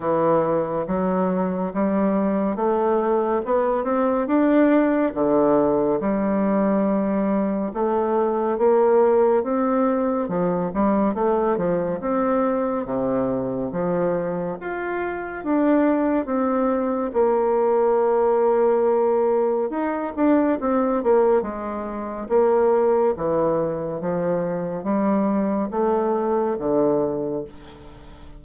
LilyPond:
\new Staff \with { instrumentName = "bassoon" } { \time 4/4 \tempo 4 = 70 e4 fis4 g4 a4 | b8 c'8 d'4 d4 g4~ | g4 a4 ais4 c'4 | f8 g8 a8 f8 c'4 c4 |
f4 f'4 d'4 c'4 | ais2. dis'8 d'8 | c'8 ais8 gis4 ais4 e4 | f4 g4 a4 d4 | }